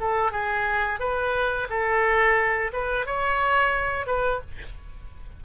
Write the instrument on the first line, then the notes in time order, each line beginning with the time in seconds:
oboe
0.00 A4
0.32 G#4
1.00 B4
1.70 A4
2.73 B4
3.06 C#5
4.06 B4